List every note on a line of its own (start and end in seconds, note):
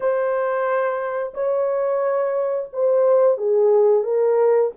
0.00 1.33 C5
1.34 2.68 C#5
2.72 3.37 C5
3.37 4.03 G#4
4.03 4.71 A#4